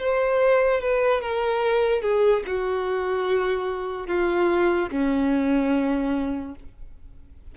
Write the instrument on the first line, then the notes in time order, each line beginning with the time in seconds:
violin
0.00 C5
0.81 B4
1.22 A#4
2.02 G#4
2.47 F#4
4.08 F4
4.91 C#4